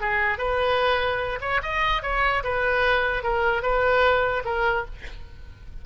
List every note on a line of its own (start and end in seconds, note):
0.00 0.38 G#4
0.38 1.39 B4
1.41 1.61 C#5
1.62 2.02 D#5
2.02 2.43 C#5
2.43 3.23 B4
3.23 3.62 A#4
3.62 4.43 B4
4.44 4.85 A#4